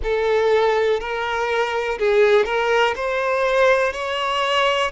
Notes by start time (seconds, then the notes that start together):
0.03 A4
1.00 A#4
1.99 G#4
2.45 A#4
2.95 C5
3.93 C#5